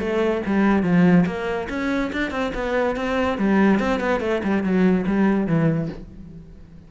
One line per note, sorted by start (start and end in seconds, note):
0.00 0.42 A3
0.47 0.83 G3
0.83 1.25 F3
1.27 1.69 A#3
1.70 2.12 C#4
2.13 2.31 D4
2.31 2.52 C4
2.55 2.96 B3
2.96 3.38 C4
3.38 3.80 G3
3.80 4.01 C4
4.01 4.21 B3
4.21 4.42 A3
4.44 4.64 G3
4.64 5.06 F#3
5.07 5.47 G3
5.47 5.89 E3